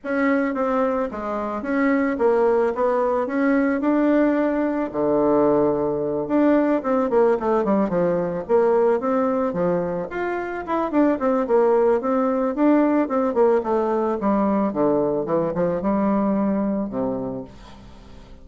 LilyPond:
\new Staff \with { instrumentName = "bassoon" } { \time 4/4 \tempo 4 = 110 cis'4 c'4 gis4 cis'4 | ais4 b4 cis'4 d'4~ | d'4 d2~ d8 d'8~ | d'8 c'8 ais8 a8 g8 f4 ais8~ |
ais8 c'4 f4 f'4 e'8 | d'8 c'8 ais4 c'4 d'4 | c'8 ais8 a4 g4 d4 | e8 f8 g2 c4 | }